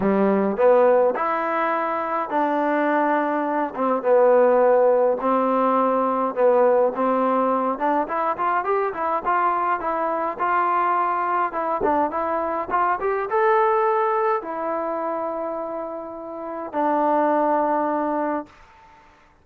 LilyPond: \new Staff \with { instrumentName = "trombone" } { \time 4/4 \tempo 4 = 104 g4 b4 e'2 | d'2~ d'8 c'8 b4~ | b4 c'2 b4 | c'4. d'8 e'8 f'8 g'8 e'8 |
f'4 e'4 f'2 | e'8 d'8 e'4 f'8 g'8 a'4~ | a'4 e'2.~ | e'4 d'2. | }